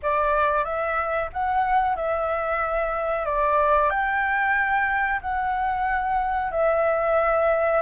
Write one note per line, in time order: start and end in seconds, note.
0.02 0.64 D5
0.64 1.29 E5
1.32 1.96 F#5
1.96 3.25 E5
3.25 3.90 D5
3.90 5.20 G5
5.21 6.51 F#5
6.51 7.81 E5